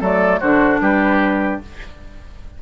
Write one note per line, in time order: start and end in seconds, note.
0.00 0.41 F#3
0.00 0.42 A3
0.00 0.40 A4
0.00 0.40 D5
0.40 0.81 D3
0.40 1.62 D4
0.40 0.80 F#4
0.40 0.80 C5
0.81 1.61 G3
0.81 1.62 G4
0.81 1.61 B4